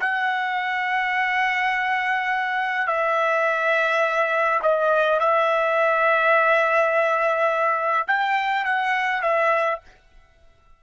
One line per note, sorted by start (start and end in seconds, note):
0.00 2.87 F#5
2.87 4.60 E5
4.62 5.19 D#5
5.19 8.07 E5
8.07 8.65 G5
8.65 9.22 F#5
9.22 9.80 E5